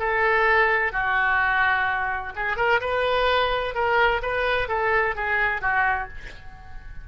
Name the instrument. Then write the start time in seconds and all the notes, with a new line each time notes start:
oboe
0.00 A4
0.93 F#4
2.36 G#4
2.57 A#4
2.81 B4
3.75 A#4
4.23 B4
4.69 A4
5.16 G#4
5.62 F#4